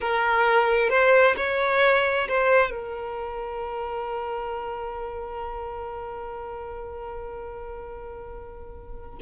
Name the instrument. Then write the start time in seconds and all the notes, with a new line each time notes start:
violin
0.01 A#4
0.89 C5
1.37 C#5
2.28 C5
2.70 A#4